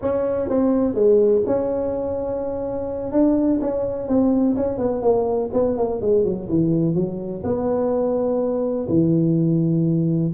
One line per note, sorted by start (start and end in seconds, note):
0.01 0.48 C#4
0.48 0.94 C4
0.94 1.42 G#3
1.46 3.12 C#4
3.12 3.60 D4
3.61 4.08 C#4
4.08 4.56 C4
4.56 4.78 C#4
4.78 5.02 B3
5.02 5.50 A#3
5.53 5.77 B3
5.77 6.01 A#3
6.01 6.24 G#3
6.24 6.48 F#3
6.48 6.94 E3
6.94 7.42 F#3
7.43 8.87 B3
8.88 10.32 E3